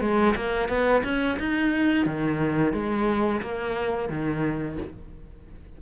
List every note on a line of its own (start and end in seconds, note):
0.00 0.34 G#3
0.36 0.68 A#3
0.68 1.02 B3
1.04 1.38 C#4
1.39 2.05 D#4
2.05 2.73 D#3
2.73 3.41 G#3
3.41 4.09 A#3
4.09 4.77 D#3